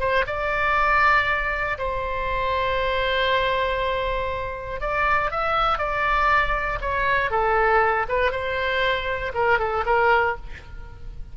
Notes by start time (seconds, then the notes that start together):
0.00 C5
0.27 D5
1.79 C5
4.81 D5
5.31 E5
5.78 D5
6.81 C#5
7.31 A4
8.09 B4
8.32 C5
9.34 A#4
9.59 A4
9.86 A#4